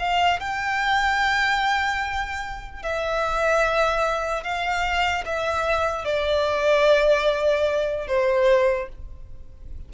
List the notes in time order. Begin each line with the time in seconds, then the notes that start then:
0.00 F5
0.41 G5
2.83 E5
4.44 F5
5.26 E5
6.05 D5
8.08 C5